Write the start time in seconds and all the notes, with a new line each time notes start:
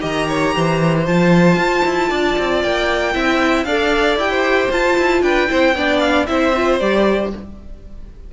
0.00 D#3 G4 D#5 A#5
0.28 C#5
0.55 E3 C5
1.05 F3 F4 A5
1.56 F4
1.84 E4
2.09 D4 D5
2.38 C4
2.62 A#3 G5
3.13 C4 E4 E5
3.63 D4 A4 D5 F5
4.16 E4 G4 G5
4.30 C5
4.70 F4 A5
4.97 E4
5.22 D4 B4 G5
5.48 C4 E4 C5
5.75 B3 D4 D5
5.99 F5
6.26 C4 E4 C5 E5
6.56 F4
6.79 G3 G4 D5